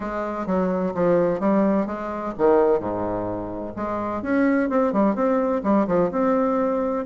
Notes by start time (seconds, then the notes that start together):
0.00 G#3
0.46 F#3
0.94 F3
1.40 G3
1.86 G#3
2.38 D#3
2.79 G#2
3.75 G#3
4.22 C#4
4.69 C4
4.92 G3
5.15 C4
5.63 G3
5.87 F3
6.11 C4